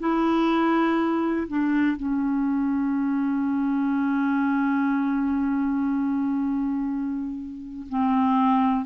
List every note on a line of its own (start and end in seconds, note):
0.00 1.48 E4
1.48 1.97 D4
1.97 7.87 C#4
7.90 8.86 C4